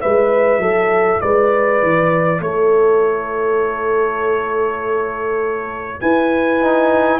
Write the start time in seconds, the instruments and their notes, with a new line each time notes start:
0.00 tuba G#3, trombone E4, horn B4, trumpet E5
0.58 tuba F#3, horn A4
1.20 tuba G#3, horn B4, trumpet D5
1.82 tuba E3
2.40 tuba A3, horn A4, trumpet C#5
6.00 tuba E4, horn B4, trumpet G#5
6.60 trombone D#4